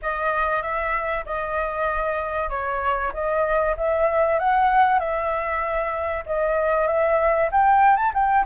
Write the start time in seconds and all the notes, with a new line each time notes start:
0.02 D#5
0.62 E5
1.25 D#5
2.49 C#5
3.13 D#5
3.77 E5
4.39 F#5
4.99 E5
6.26 D#5
6.87 E5
7.51 G5
7.96 A5
8.13 G5